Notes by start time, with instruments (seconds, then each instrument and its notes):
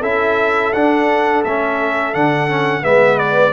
0.00 tuba C#4, trombone E4, horn A4, trumpet E5
0.73 tuba D4, trombone D4, trumpet F#5
1.44 tuba A3, trombone C#4, trumpet E5
2.14 tuba D3, trombone D4, trumpet F#5
2.49 trombone C#4
2.81 tuba G#3, trombone B3, horn B4, trumpet E5
3.18 trumpet D5